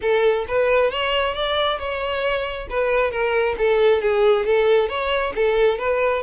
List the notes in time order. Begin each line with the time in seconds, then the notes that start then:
0.01 A4
0.48 B4
0.91 C#5
1.34 D5
1.78 C#5
2.69 B4
3.11 A#4
3.57 A4
4.01 G#4
4.45 A4
4.88 C#5
5.35 A4
5.78 B4